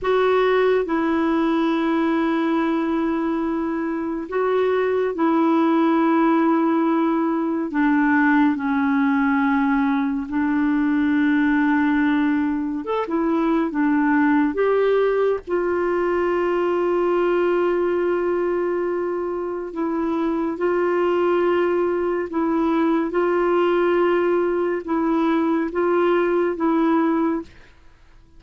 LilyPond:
\new Staff \with { instrumentName = "clarinet" } { \time 4/4 \tempo 4 = 70 fis'4 e'2.~ | e'4 fis'4 e'2~ | e'4 d'4 cis'2 | d'2. a'16 e'8. |
d'4 g'4 f'2~ | f'2. e'4 | f'2 e'4 f'4~ | f'4 e'4 f'4 e'4 | }